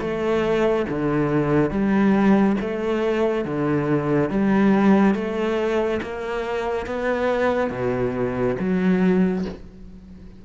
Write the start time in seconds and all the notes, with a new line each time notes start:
0.00 A3
0.89 D3
1.71 G3
2.60 A3
3.45 D3
4.30 G3
5.14 A3
6.02 A#3
6.86 B3
7.70 B2
8.59 F#3